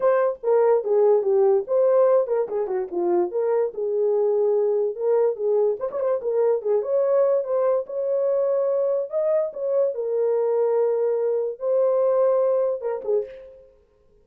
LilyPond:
\new Staff \with { instrumentName = "horn" } { \time 4/4 \tempo 4 = 145 c''4 ais'4 gis'4 g'4 | c''4. ais'8 gis'8 fis'8 f'4 | ais'4 gis'2. | ais'4 gis'4 c''16 cis''16 c''8 ais'4 |
gis'8 cis''4. c''4 cis''4~ | cis''2 dis''4 cis''4 | ais'1 | c''2. ais'8 gis'8 | }